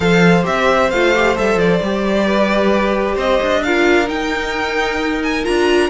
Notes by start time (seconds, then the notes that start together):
0.00 F3 A4 C5 F5
0.42 C4 G4 E5
0.90 A3 F4 F5
1.15 G4
1.36 G3 A4 E5
1.56 F3 D5
1.81 G3 G4
2.26 B4
3.15 C4 C5 D#5
3.42 D4
3.63 F4 A#4 F5
4.05 D#4 G5
5.23 G#5
5.44 D4 F4 A#5